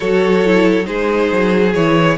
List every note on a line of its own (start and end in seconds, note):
0.00 0.87 F#3
0.00 0.44 F#4
0.00 0.85 A4
0.00 0.86 C#5
0.44 0.84 E4
0.84 1.31 G#3
0.84 1.70 D#4
0.84 2.17 G#4
0.84 1.73 C5
1.32 1.74 F#3
1.74 2.18 E3
1.74 2.18 E4
1.74 2.17 C#5